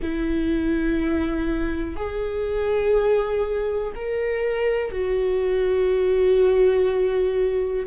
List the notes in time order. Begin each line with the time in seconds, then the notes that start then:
0.02 E4
1.95 G#4
3.95 A#4
4.91 F#4